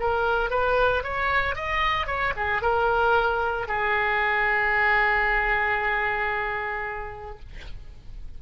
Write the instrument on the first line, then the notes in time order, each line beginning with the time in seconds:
oboe
0.00 A#4
0.51 B4
1.04 C#5
1.56 D#5
2.07 C#5
2.37 G#4
2.62 A#4
3.68 G#4